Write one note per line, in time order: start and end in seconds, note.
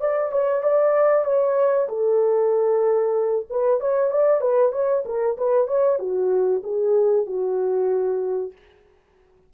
0.00 0.32 D5
0.32 0.63 C#5
0.63 1.24 D5
1.24 1.87 C#5
1.88 3.46 A4
3.50 3.80 B4
3.80 4.11 C#5
4.11 4.41 D5
4.41 4.72 B4
4.72 5.04 C#5
5.05 5.37 A#4
5.37 5.67 B4
5.67 5.99 C#5
5.99 6.62 F#4
6.63 7.26 G#4
7.26 8.52 F#4